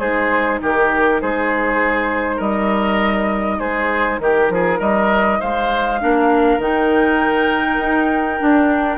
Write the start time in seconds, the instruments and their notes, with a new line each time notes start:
0.00 bassoon G#3, clarinet D#4, oboe G#4, flute C5
0.62 bassoon D#3, oboe G4, flute A#4
1.21 bassoon G#3, oboe G#4, flute C5
2.37 bassoon G3, oboe A#4, flute D#5
3.60 bassoon G#3, oboe G#4, flute C5
4.20 bassoon D#3, oboe G4, flute A#4
4.50 bassoon F3, oboe G#4
4.79 bassoon G3, oboe A#4, flute D#5
5.40 bassoon G#3, oboe C5, flute F5
6.00 bassoon A#3, clarinet D4, oboe A#4
6.58 bassoon D#3, clarinet D#4, flute G5
7.80 bassoon D#4
8.39 clarinet D4, bassoon D4